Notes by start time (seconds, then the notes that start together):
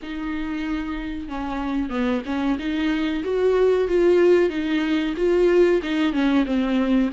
0.02 D#4
1.28 C#4
1.89 B3
2.25 C#4
2.58 D#4
3.24 F#4
3.87 F4
4.49 D#4
5.16 F4
5.82 D#4
6.12 C#4
6.45 C4